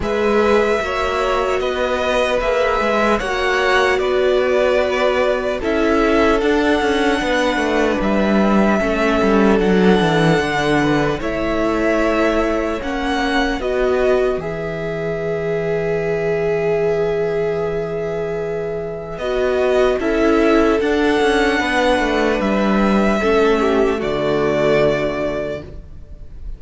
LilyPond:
<<
  \new Staff \with { instrumentName = "violin" } { \time 4/4 \tempo 4 = 75 e''2 dis''4 e''4 | fis''4 d''2 e''4 | fis''2 e''2 | fis''2 e''2 |
fis''4 dis''4 e''2~ | e''1 | dis''4 e''4 fis''2 | e''2 d''2 | }
  \new Staff \with { instrumentName = "violin" } { \time 4/4 b'4 cis''4 b'2 | cis''4 b'2 a'4~ | a'4 b'2 a'4~ | a'4. b'8 cis''2~ |
cis''4 b'2.~ | b'1~ | b'4 a'2 b'4~ | b'4 a'8 g'8 fis'2 | }
  \new Staff \with { instrumentName = "viola" } { \time 4/4 gis'4 fis'2 gis'4 | fis'2. e'4 | d'2. cis'4 | d'2 e'2 |
cis'4 fis'4 gis'2~ | gis'1 | fis'4 e'4 d'2~ | d'4 cis'4 a2 | }
  \new Staff \with { instrumentName = "cello" } { \time 4/4 gis4 ais4 b4 ais8 gis8 | ais4 b2 cis'4 | d'8 cis'8 b8 a8 g4 a8 g8 | fis8 e8 d4 a2 |
ais4 b4 e2~ | e1 | b4 cis'4 d'8 cis'8 b8 a8 | g4 a4 d2 | }
>>